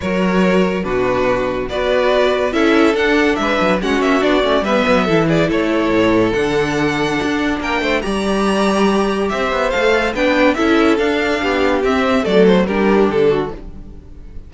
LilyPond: <<
  \new Staff \with { instrumentName = "violin" } { \time 4/4 \tempo 4 = 142 cis''2 b'2 | d''2 e''4 fis''4 | e''4 fis''8 e''8 d''4 e''4~ | e''8 d''8 cis''2 fis''4~ |
fis''2 g''4 ais''4~ | ais''2 e''4 f''4 | g''4 e''4 f''2 | e''4 d''8 c''8 ais'4 a'4 | }
  \new Staff \with { instrumentName = "violin" } { \time 4/4 ais'2 fis'2 | b'2 a'2 | b'4 fis'2 b'4 | a'8 gis'8 a'2.~ |
a'2 ais'8 c''8 d''4~ | d''2 c''2 | b'4 a'2 g'4~ | g'4 a'4 g'4. fis'8 | }
  \new Staff \with { instrumentName = "viola" } { \time 4/4 fis'2 d'2 | fis'2 e'4 d'4~ | d'4 cis'4 d'8 cis'8 b4 | e'2. d'4~ |
d'2. g'4~ | g'2. a'4 | d'4 e'4 d'2 | c'4 a4 d'2 | }
  \new Staff \with { instrumentName = "cello" } { \time 4/4 fis2 b,2 | b2 cis'4 d'4 | gis8 fis8 gis8 ais8 b8 a8 g8 fis8 | e4 a4 a,4 d4~ |
d4 d'4 ais8 a8 g4~ | g2 c'8 b8 a4 | b4 cis'4 d'4 b4 | c'4 fis4 g4 d4 | }
>>